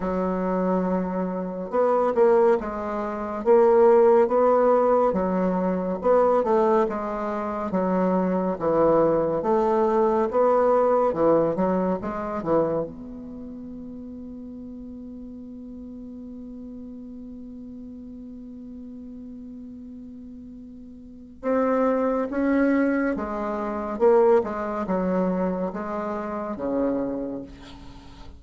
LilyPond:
\new Staff \with { instrumentName = "bassoon" } { \time 4/4 \tempo 4 = 70 fis2 b8 ais8 gis4 | ais4 b4 fis4 b8 a8 | gis4 fis4 e4 a4 | b4 e8 fis8 gis8 e8 b4~ |
b1~ | b1~ | b4 c'4 cis'4 gis4 | ais8 gis8 fis4 gis4 cis4 | }